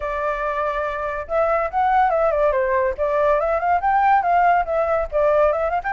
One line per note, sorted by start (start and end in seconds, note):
0.00 1.27 D5
1.27 1.70 E5
1.70 2.10 F#5
2.10 2.31 E5
2.31 2.52 D5
2.52 2.94 C5
2.97 3.39 D5
3.39 3.59 E5
3.59 3.80 F5
3.80 4.22 G5
4.22 4.64 F5
4.65 5.07 E5
5.11 5.52 D5
5.52 5.70 E5
5.70 5.80 F5
5.83 5.93 G5